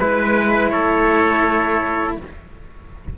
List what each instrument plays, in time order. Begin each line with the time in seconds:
0.00 cello G#3 E4, trumpet B4
0.70 cello A3, trumpet A4 C#5